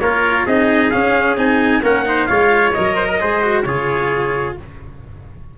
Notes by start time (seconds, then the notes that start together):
0.00 A#3 F4 A#4 C#5
0.46 C4 D#4 G#4 D#5
0.90 C#4 F5
1.36 C4 D#4 G#5
1.82 A#3 C#4 A#4 F#5
2.05 D#4 C5
2.26 G#3 F4 C#5 F5
2.73 F#3 A#4 D#5
2.95 C5
3.08 A#4
3.20 G#3 G#4 C5
3.41 F#4
3.63 C#3 F4 G#4 C#5